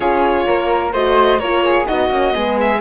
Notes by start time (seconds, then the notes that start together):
0.00 C#4 F4 G#4 C#5
0.46 A#3 A#4
0.93 A3 F#4 C5 D#5
1.39 A#3 F4 A#4 C#5
1.64 G#4
1.86 B3 D#4 F#4 D#5
2.09 A#3 C#4
2.32 G#3 B3 G#4
2.60 E5